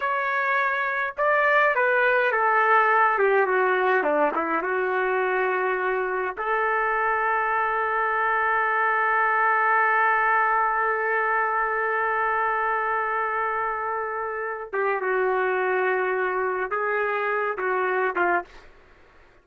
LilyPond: \new Staff \with { instrumentName = "trumpet" } { \time 4/4 \tempo 4 = 104 cis''2 d''4 b'4 | a'4. g'8 fis'4 d'8 e'8 | fis'2. a'4~ | a'1~ |
a'1~ | a'1~ | a'4. g'8 fis'2~ | fis'4 gis'4. fis'4 f'8 | }